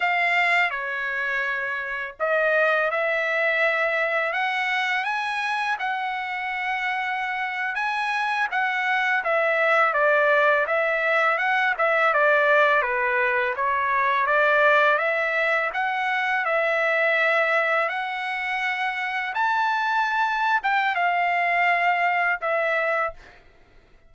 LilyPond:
\new Staff \with { instrumentName = "trumpet" } { \time 4/4 \tempo 4 = 83 f''4 cis''2 dis''4 | e''2 fis''4 gis''4 | fis''2~ fis''8. gis''4 fis''16~ | fis''8. e''4 d''4 e''4 fis''16~ |
fis''16 e''8 d''4 b'4 cis''4 d''16~ | d''8. e''4 fis''4 e''4~ e''16~ | e''8. fis''2 a''4~ a''16~ | a''8 g''8 f''2 e''4 | }